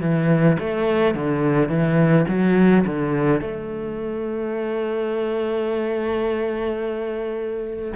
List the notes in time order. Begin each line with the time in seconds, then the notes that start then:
0.00 E3
0.59 A3
1.14 D3
1.68 E3
2.28 F#3
2.86 D3
3.41 A3